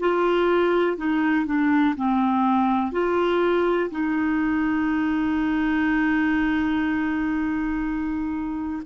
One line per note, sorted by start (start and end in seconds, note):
0.00 0.97 F4
0.97 1.46 D#4
1.46 1.95 D4
1.96 2.92 C4
2.92 3.90 F4
3.91 8.83 D#4